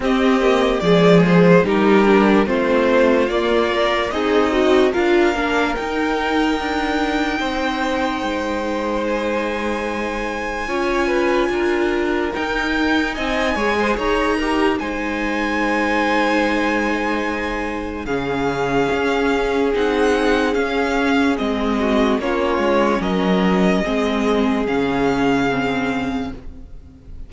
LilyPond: <<
  \new Staff \with { instrumentName = "violin" } { \time 4/4 \tempo 4 = 73 dis''4 d''8 c''8 ais'4 c''4 | d''4 dis''4 f''4 g''4~ | g''2. gis''4~ | gis''2. g''4 |
gis''4 ais''4 gis''2~ | gis''2 f''2 | fis''4 f''4 dis''4 cis''4 | dis''2 f''2 | }
  \new Staff \with { instrumentName = "violin" } { \time 4/4 g'4 gis'4 g'4 f'4~ | f'4 dis'4 ais'2~ | ais'4 c''2.~ | c''4 cis''8 b'8 ais'2 |
dis''8 cis''16 c''16 cis''8 ais'8 c''2~ | c''2 gis'2~ | gis'2~ gis'8 fis'8 f'4 | ais'4 gis'2. | }
  \new Staff \with { instrumentName = "viola" } { \time 4/4 c'8 ais8 gis4 dis'8 d'8 c'4 | ais8 ais'8 gis'8 fis'8 f'8 d'8 dis'4~ | dis'1~ | dis'4 f'2 dis'4~ |
dis'8 gis'4 g'8 dis'2~ | dis'2 cis'2 | dis'4 cis'4 c'4 cis'4~ | cis'4 c'4 cis'4 c'4 | }
  \new Staff \with { instrumentName = "cello" } { \time 4/4 c'4 f4 g4 a4 | ais4 c'4 d'8 ais8 dis'4 | d'4 c'4 gis2~ | gis4 cis'4 d'4 dis'4 |
c'8 gis8 dis'4 gis2~ | gis2 cis4 cis'4 | c'4 cis'4 gis4 ais8 gis8 | fis4 gis4 cis2 | }
>>